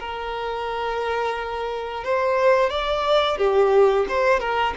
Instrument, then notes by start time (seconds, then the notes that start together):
violin
0.00 A#4
2.04 C5
2.70 D5
3.38 G4
4.09 C5
4.40 A#4